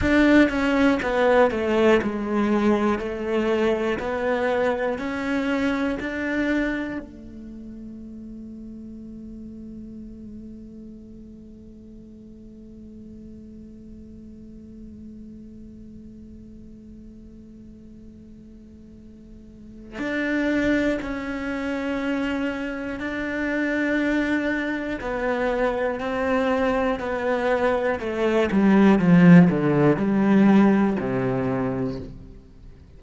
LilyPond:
\new Staff \with { instrumentName = "cello" } { \time 4/4 \tempo 4 = 60 d'8 cis'8 b8 a8 gis4 a4 | b4 cis'4 d'4 a4~ | a1~ | a1~ |
a1 | d'4 cis'2 d'4~ | d'4 b4 c'4 b4 | a8 g8 f8 d8 g4 c4 | }